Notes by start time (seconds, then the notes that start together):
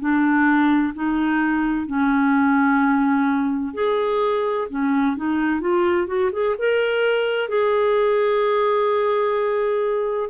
0.00 D4
0.94 D#4
1.87 C#4
3.74 G#4
4.70 C#4
5.16 D#4
5.61 F4
6.07 F#4
6.32 G#4
6.59 A#4
7.49 G#4